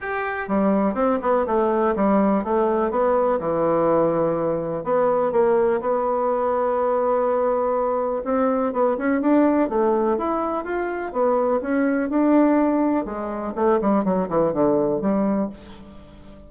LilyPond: \new Staff \with { instrumentName = "bassoon" } { \time 4/4 \tempo 4 = 124 g'4 g4 c'8 b8 a4 | g4 a4 b4 e4~ | e2 b4 ais4 | b1~ |
b4 c'4 b8 cis'8 d'4 | a4 e'4 f'4 b4 | cis'4 d'2 gis4 | a8 g8 fis8 e8 d4 g4 | }